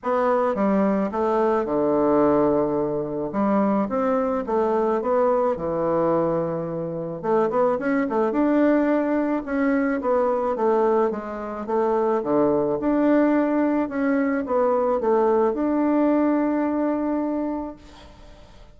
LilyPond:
\new Staff \with { instrumentName = "bassoon" } { \time 4/4 \tempo 4 = 108 b4 g4 a4 d4~ | d2 g4 c'4 | a4 b4 e2~ | e4 a8 b8 cis'8 a8 d'4~ |
d'4 cis'4 b4 a4 | gis4 a4 d4 d'4~ | d'4 cis'4 b4 a4 | d'1 | }